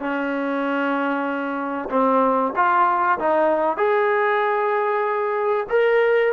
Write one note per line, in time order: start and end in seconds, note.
0.00 1.89 C#4
1.90 2.53 C4
2.56 3.19 F4
3.20 3.78 D#4
3.78 5.67 G#4
5.70 6.33 A#4